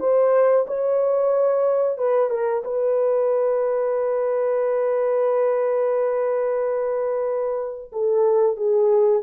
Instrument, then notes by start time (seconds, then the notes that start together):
horn
0.00 C5
0.67 C#5
1.98 B4
2.30 A#4
2.64 B4
7.92 A4
8.57 G#4